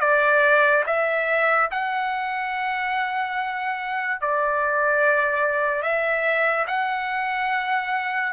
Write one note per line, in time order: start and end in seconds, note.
0.00 0.83 D5
0.86 1.69 E5
1.71 4.20 F#5
4.20 5.82 D5
5.82 6.66 E5
6.67 8.33 F#5